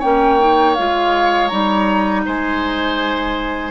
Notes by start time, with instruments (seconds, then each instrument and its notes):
0.00 bassoon A#3, clarinet C#4, oboe C#5, flute G5
0.40 clarinet D#4
0.75 bassoon G#3, clarinet F4, flute F5
1.49 bassoon G3, clarinet D#4, flute A#5
2.26 bassoon G#3, oboe C5, flute G#5